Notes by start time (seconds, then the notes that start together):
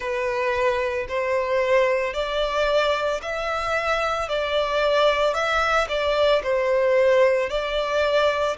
0.00 B4
1.08 C5
2.13 D5
3.21 E5
4.29 D5
5.34 E5
5.88 D5
6.43 C5
7.50 D5